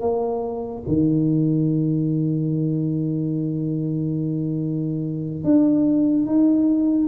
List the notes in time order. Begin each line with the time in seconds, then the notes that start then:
0.00 A#3
0.87 D#3
5.44 D4
6.26 D#4